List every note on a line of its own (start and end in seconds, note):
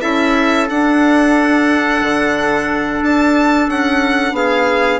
0.00 0.69 C#4
0.00 0.67 E4
0.00 4.34 A4
0.00 0.67 E5
0.69 4.99 D4
0.69 2.01 D4
0.69 3.03 F#5
2.01 3.01 D3
3.02 3.68 D4
3.02 3.69 A5
3.68 4.32 C#4
3.68 4.36 F#5
4.32 4.99 B3
4.32 4.99 G#4
4.32 4.99 F5